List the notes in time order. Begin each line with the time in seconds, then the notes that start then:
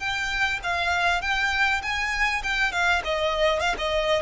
0.00 G5
0.64 F5
1.22 G5
1.83 G#5
2.43 G5
2.72 F5
3.05 D#5
3.61 F5
3.79 D#5